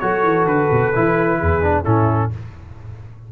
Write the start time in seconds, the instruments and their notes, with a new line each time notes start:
0.00 tuba F#3, trombone F#4, horn A4, trumpet C#5
0.23 tuba E3
0.46 tuba D3, trumpet B4
0.71 tuba B2
0.95 tuba E3, trombone E4
1.39 tuba E2, horn G#4
1.62 trombone D4
1.83 tuba A2, trombone C#4, horn E4, trumpet A4